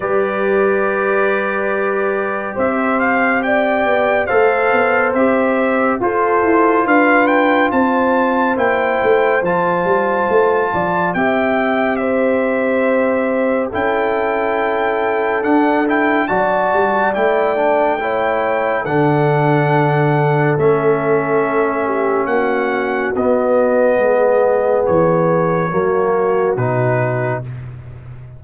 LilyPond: <<
  \new Staff \with { instrumentName = "trumpet" } { \time 4/4 \tempo 4 = 70 d''2. e''8 f''8 | g''4 f''4 e''4 c''4 | f''8 g''8 a''4 g''4 a''4~ | a''4 g''4 e''2 |
g''2 fis''8 g''8 a''4 | g''2 fis''2 | e''2 fis''4 dis''4~ | dis''4 cis''2 b'4 | }
  \new Staff \with { instrumentName = "horn" } { \time 4/4 b'2. c''4 | d''4 c''2 a'4 | b'4 c''2.~ | c''8 d''8 e''4 c''2 |
a'2. d''4~ | d''4 cis''4 a'2~ | a'4. g'8 fis'2 | gis'2 fis'2 | }
  \new Staff \with { instrumentName = "trombone" } { \time 4/4 g'1~ | g'4 a'4 g'4 f'4~ | f'2 e'4 f'4~ | f'4 g'2. |
e'2 d'8 e'8 fis'4 | e'8 d'8 e'4 d'2 | cis'2. b4~ | b2 ais4 dis'4 | }
  \new Staff \with { instrumentName = "tuba" } { \time 4/4 g2. c'4~ | c'8 b8 a8 b8 c'4 f'8 e'8 | d'4 c'4 ais8 a8 f8 g8 | a8 f8 c'2. |
cis'2 d'4 fis8 g8 | a2 d2 | a2 ais4 b4 | gis4 e4 fis4 b,4 | }
>>